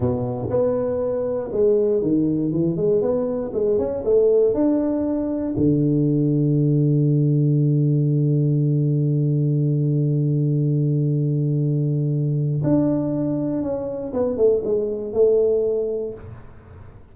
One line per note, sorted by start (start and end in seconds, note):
0.00 0.49 B2
0.50 1.50 B3
1.52 2.02 G#3
2.02 2.52 D#3
2.52 2.76 E3
2.76 3.01 G#3
3.01 3.52 B3
3.53 3.78 G#3
3.78 4.03 C#4
4.04 4.54 A3
4.54 5.55 D4
5.56 12.62 D3
12.63 13.62 D4
13.62 14.12 C#4
14.13 14.37 B3
14.37 14.62 A3
14.64 15.13 G#3
15.13 16.13 A3